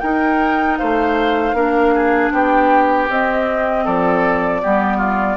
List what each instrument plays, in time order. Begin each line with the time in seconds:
0.00 bassoon D#4, clarinet D#4, oboe A#4, flute G5
0.77 bassoon A3, oboe C5, flute F5
1.53 bassoon A#3, clarinet D4, oboe A#4
1.94 oboe G#4
2.31 bassoon B3, oboe G4, flute G5
3.09 bassoon C4, clarinet C4, flute D#5
3.84 bassoon F3, oboe A4, flute D5
4.62 bassoon G3, clarinet B3, oboe G4
4.97 oboe F4